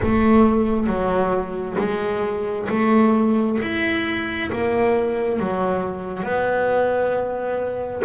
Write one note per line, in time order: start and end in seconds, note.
0.02 0.87 A3
0.87 1.76 F#3
1.78 2.68 G#3
2.69 3.58 A3
3.61 4.51 E4
4.51 5.39 A#3
5.39 6.23 F#3
6.23 8.02 B3